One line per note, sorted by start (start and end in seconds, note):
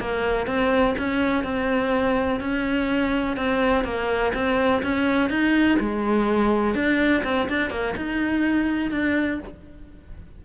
0.00 0.47 A#3
0.47 0.95 C4
0.98 1.44 C#4
1.44 2.40 C4
2.40 3.37 C#4
3.37 3.84 C4
3.84 4.33 A#3
4.34 4.82 C4
4.83 5.30 C#4
5.30 5.79 D#4
5.80 6.75 G#3
6.75 7.23 D4
7.24 7.48 C4
7.49 7.70 D4
7.70 7.95 A#3
7.97 8.91 D#4
8.91 9.40 D4